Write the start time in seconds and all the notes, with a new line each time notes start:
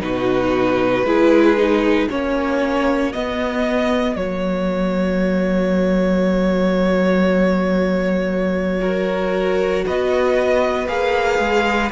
0.00 B2 D#4 F#4 B4
1.03 G#3 E4 G#4
1.57 D#4
2.09 A#3 C#4 F#4 C#5
3.12 B3 D#5
4.16 F#3 A#3 C#5
8.80 F#4 A#4
9.85 B3 B4 D#5
10.87 A#3 G#4 F5
11.38 G#3